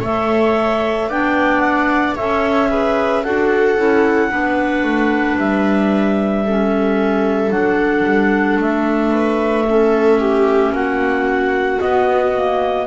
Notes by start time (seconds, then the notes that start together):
0.00 A3 A4 C#5 E5
1.08 B3 D4 D5 G5
1.60 F#5
2.15 C#4 A4 C#5 E5
2.69 G#4 B4
3.23 D4 F#4 A4 F#5
3.77 C#4 E4
4.30 B3 D4 B4
4.83 A3
5.37 G3 E5
6.44 C#4 A4
7.50 F#3 D4 F#5
8.04 G3
8.56 A3 E5
9.11 B4
9.68 C#4 A4
10.19 G4
10.72 A#3 F#4 F#5
11.79 B3 D#5
12.33 A#3